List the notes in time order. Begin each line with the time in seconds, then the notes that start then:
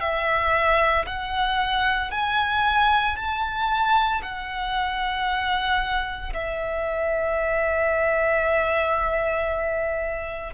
0.00 E5
1.06 F#5
2.11 G#5
3.16 A5
4.22 F#5
6.33 E5